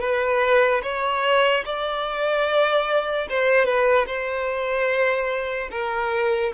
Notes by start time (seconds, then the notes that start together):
0.00 B4
0.82 C#5
1.65 D5
3.29 C5
3.65 B4
4.07 C5
5.71 A#4